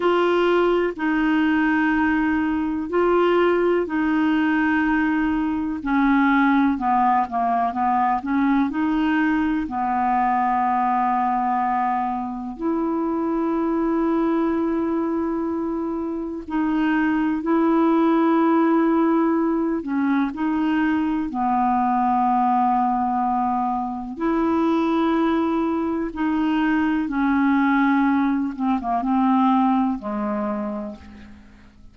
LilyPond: \new Staff \with { instrumentName = "clarinet" } { \time 4/4 \tempo 4 = 62 f'4 dis'2 f'4 | dis'2 cis'4 b8 ais8 | b8 cis'8 dis'4 b2~ | b4 e'2.~ |
e'4 dis'4 e'2~ | e'8 cis'8 dis'4 b2~ | b4 e'2 dis'4 | cis'4. c'16 ais16 c'4 gis4 | }